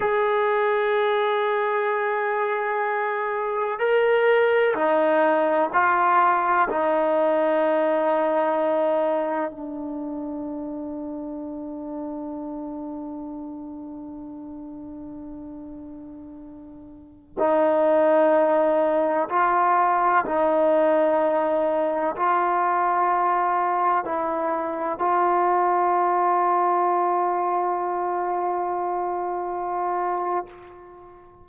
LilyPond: \new Staff \with { instrumentName = "trombone" } { \time 4/4 \tempo 4 = 63 gis'1 | ais'4 dis'4 f'4 dis'4~ | dis'2 d'2~ | d'1~ |
d'2~ d'16 dis'4.~ dis'16~ | dis'16 f'4 dis'2 f'8.~ | f'4~ f'16 e'4 f'4.~ f'16~ | f'1 | }